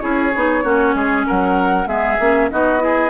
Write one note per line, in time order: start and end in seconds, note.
0.00 0.34 C#4
0.00 0.31 E4
0.00 0.64 G#4
0.00 1.24 C#5
0.35 0.64 B3
0.35 0.63 D#4
0.63 0.94 A#3
0.63 1.86 C#4
0.63 0.95 F#4
0.94 1.25 G#3
0.94 1.26 G#4
1.26 1.86 F#3
1.26 1.88 A#4
1.26 1.87 F#5
1.86 2.17 G#3
1.86 2.17 B3
1.86 2.50 G#4
1.86 2.49 E5
2.19 2.50 A#3
2.19 2.51 C#4
2.50 3.10 B3
2.50 2.78 D#4
2.50 2.82 F#4
2.50 3.10 D#5
2.78 3.09 E4
2.78 3.10 G#4